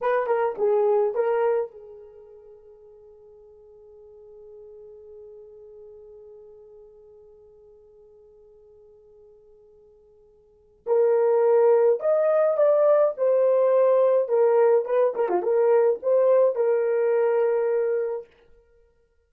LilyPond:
\new Staff \with { instrumentName = "horn" } { \time 4/4 \tempo 4 = 105 b'8 ais'8 gis'4 ais'4 gis'4~ | gis'1~ | gis'1~ | gis'1~ |
gis'2. ais'4~ | ais'4 dis''4 d''4 c''4~ | c''4 ais'4 b'8 ais'16 f'16 ais'4 | c''4 ais'2. | }